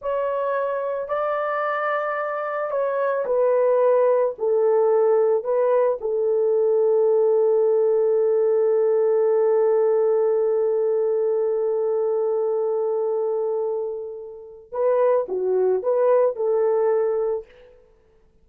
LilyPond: \new Staff \with { instrumentName = "horn" } { \time 4/4 \tempo 4 = 110 cis''2 d''2~ | d''4 cis''4 b'2 | a'2 b'4 a'4~ | a'1~ |
a'1~ | a'1~ | a'2. b'4 | fis'4 b'4 a'2 | }